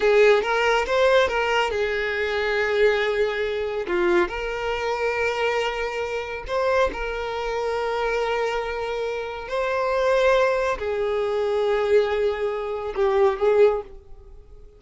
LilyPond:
\new Staff \with { instrumentName = "violin" } { \time 4/4 \tempo 4 = 139 gis'4 ais'4 c''4 ais'4 | gis'1~ | gis'4 f'4 ais'2~ | ais'2. c''4 |
ais'1~ | ais'2 c''2~ | c''4 gis'2.~ | gis'2 g'4 gis'4 | }